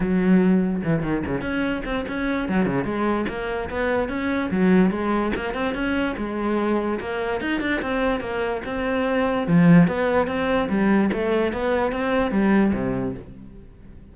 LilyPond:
\new Staff \with { instrumentName = "cello" } { \time 4/4 \tempo 4 = 146 fis2 e8 dis8 cis8 cis'8~ | cis'8 c'8 cis'4 fis8 cis8 gis4 | ais4 b4 cis'4 fis4 | gis4 ais8 c'8 cis'4 gis4~ |
gis4 ais4 dis'8 d'8 c'4 | ais4 c'2 f4 | b4 c'4 g4 a4 | b4 c'4 g4 c4 | }